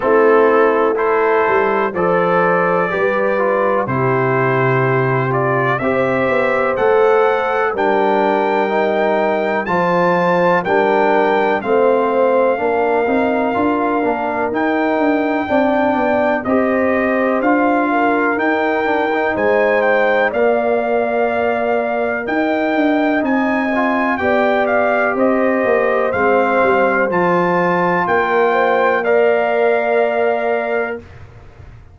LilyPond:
<<
  \new Staff \with { instrumentName = "trumpet" } { \time 4/4 \tempo 4 = 62 a'4 c''4 d''2 | c''4. d''8 e''4 fis''4 | g''2 a''4 g''4 | f''2. g''4~ |
g''4 dis''4 f''4 g''4 | gis''8 g''8 f''2 g''4 | gis''4 g''8 f''8 dis''4 f''4 | a''4 g''4 f''2 | }
  \new Staff \with { instrumentName = "horn" } { \time 4/4 e'4 a'4 c''4 b'4 | g'2 c''2 | ais'2 c''4 ais'4 | c''4 ais'2. |
d''4 c''4. ais'4. | c''4 d''2 dis''4~ | dis''4 d''4 c''2~ | c''4 ais'8 c''8 d''2 | }
  \new Staff \with { instrumentName = "trombone" } { \time 4/4 c'4 e'4 a'4 g'8 f'8 | e'4. f'8 g'4 a'4 | d'4 dis'4 f'4 d'4 | c'4 d'8 dis'8 f'8 d'8 dis'4 |
d'4 g'4 f'4 dis'8 d'16 dis'16~ | dis'4 ais'2. | dis'8 f'8 g'2 c'4 | f'2 ais'2 | }
  \new Staff \with { instrumentName = "tuba" } { \time 4/4 a4. g8 f4 g4 | c2 c'8 b8 a4 | g2 f4 g4 | a4 ais8 c'8 d'8 ais8 dis'8 d'8 |
c'8 b8 c'4 d'4 dis'4 | gis4 ais2 dis'8 d'8 | c'4 b4 c'8 ais8 gis8 g8 | f4 ais2. | }
>>